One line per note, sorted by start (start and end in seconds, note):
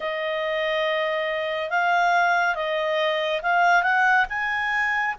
0.00 1.69 D#5
1.69 2.55 F5
2.55 3.41 D#5
3.42 3.83 F5
3.83 4.25 F#5
4.29 5.15 G#5